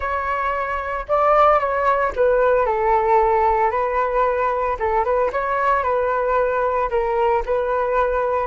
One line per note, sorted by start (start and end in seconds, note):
0.00 1.06 C#5
1.08 1.59 D5
1.59 2.12 C#5
2.15 2.65 B4
2.65 3.70 A4
3.70 4.76 B4
4.79 5.04 A4
5.04 5.30 B4
5.32 5.83 C#5
5.83 6.89 B4
6.90 7.43 A#4
7.45 8.47 B4